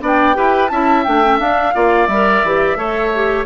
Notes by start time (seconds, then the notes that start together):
0.00 B3 D4 D5
0.06 G5
0.34 E4 G4 B4
0.68 C#4 E4 E5 A5
1.03 A3 D4 G5
1.23 C#4
1.38 D4 F5
1.73 A#3 F4 D5
2.06 G3 A#4 E5
2.44 E3 G4
2.76 A3 A4 C#5
3.14 G4